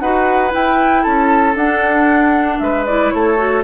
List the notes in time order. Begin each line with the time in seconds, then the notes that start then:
0.00 D#4 F#4 B4 F#5
0.50 E4 G5
1.03 C#4 A4 A5
1.55 D4 F#5
2.59 G#3 B4 E5
2.86 E4 D5
3.11 A3 A4 C#5
3.37 F#4